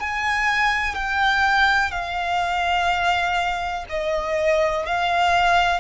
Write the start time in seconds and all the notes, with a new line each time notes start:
0.00 G#5
0.95 G5
1.91 F5
3.89 D#5
4.86 F5